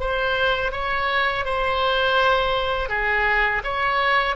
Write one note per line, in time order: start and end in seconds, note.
0.00 0.72 C5
0.72 1.45 C#5
1.45 2.89 C5
2.89 3.63 G#4
3.64 4.36 C#5